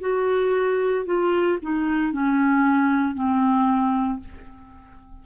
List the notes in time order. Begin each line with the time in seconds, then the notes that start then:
0.00 F#4
1.05 F4
1.62 D#4
2.12 C#4
3.14 C4